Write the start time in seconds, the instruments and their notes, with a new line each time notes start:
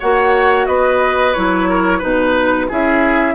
0.00 bassoon A#3, clarinet F#4, oboe C#5, flute F#5
0.66 bassoon B3, oboe B4, flute D#5
1.34 bassoon F#3, clarinet E4, flute C#5
1.70 oboe A#4
1.99 bassoon B2, clarinet D#4, oboe B4, flute B4
2.69 bassoon C#4, clarinet E4, oboe G#4, flute E5